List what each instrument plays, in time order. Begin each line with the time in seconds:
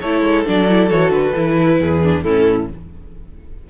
0.00 cello A3, viola E4, violin A4 C#5
0.22 cello G#3
0.46 cello F#3, viola D4, violin D5
0.69 viola E4
0.90 cello E3, viola F#4, violin C#5
1.10 cello D3, violin B4
1.35 cello E3, viola E4
1.80 cello E2, violin G#4
2.03 viola D4
2.22 cello A2, viola C#4, violin E4 A4